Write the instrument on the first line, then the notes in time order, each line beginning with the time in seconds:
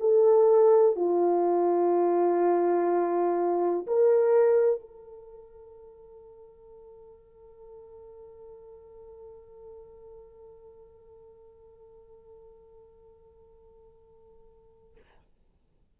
horn
0.00 A4
0.96 F4
3.87 A#4
4.80 A4